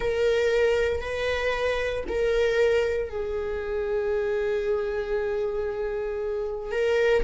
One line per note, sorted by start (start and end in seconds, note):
0.00 1.00 A#4
1.00 2.04 B4
2.08 3.09 A#4
3.09 6.71 G#4
6.71 7.23 A#4